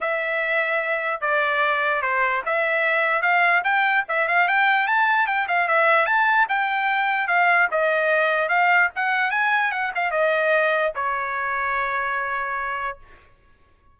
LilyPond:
\new Staff \with { instrumentName = "trumpet" } { \time 4/4 \tempo 4 = 148 e''2. d''4~ | d''4 c''4 e''2 | f''4 g''4 e''8 f''8 g''4 | a''4 g''8 f''8 e''4 a''4 |
g''2 f''4 dis''4~ | dis''4 f''4 fis''4 gis''4 | fis''8 f''8 dis''2 cis''4~ | cis''1 | }